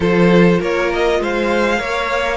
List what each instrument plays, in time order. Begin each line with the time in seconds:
0.00 cello F3, viola F4, violin A4 C5
0.59 cello A#3, violin A#4 C#5
0.93 violin D#5
1.20 cello G#3, violin C5 F5
1.77 cello A#3, viola A#4, violin C#5